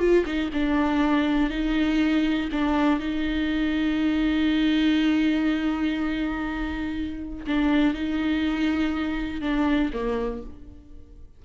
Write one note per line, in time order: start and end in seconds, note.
0.00 0.25 F4
0.26 0.50 D#4
0.53 1.50 D4
1.50 2.50 D#4
2.52 3.00 D4
3.00 7.46 D#4
7.47 7.95 D4
7.95 9.42 D#4
9.42 9.91 D4
9.94 10.43 A#3